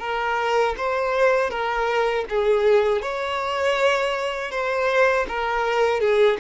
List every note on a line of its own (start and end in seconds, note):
0.00 0.75 A#4
0.78 1.50 C5
1.50 2.25 A#4
2.29 3.02 G#4
3.02 4.51 C#5
4.51 5.26 C5
5.28 6.00 A#4
6.00 6.38 G#4